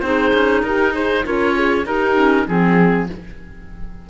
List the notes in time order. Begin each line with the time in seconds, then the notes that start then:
0.00 C4 D#4 G#4 C5
0.34 C#4
0.63 D#4 G4 A#4
0.92 G#4 C5
1.25 C#4 F4 A#4 C#5
1.55 G#4
1.84 D#4 G4 A#4
2.15 C#4
2.47 F3 C4 G#4